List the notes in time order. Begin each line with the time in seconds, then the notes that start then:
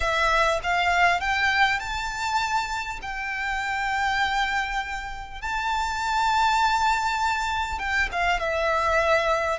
0.00 E5
0.63 F5
1.20 G5
1.79 A5
3.02 G5
5.41 A5
7.78 G5
8.12 F5
8.39 E5